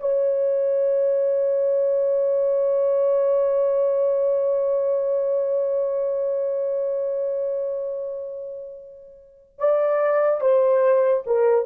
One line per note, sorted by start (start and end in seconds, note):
0.00 9.58 C#5
9.58 10.41 D5
10.41 11.24 C5
11.26 11.66 A#4